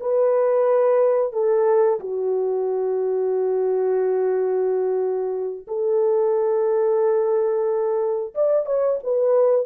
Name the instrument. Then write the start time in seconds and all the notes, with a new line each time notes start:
horn
0.00 B4
1.32 A4
2.00 F#4
5.68 A4
8.35 D5
8.66 C#5
9.03 B4